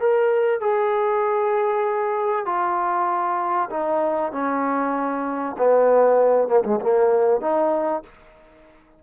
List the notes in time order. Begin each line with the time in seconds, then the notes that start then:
0.00 A#4
0.60 G#4
2.45 F4
3.70 D#4
4.32 C#4
5.58 B3
6.48 A#3
6.64 G#3
6.80 A#3
7.41 D#4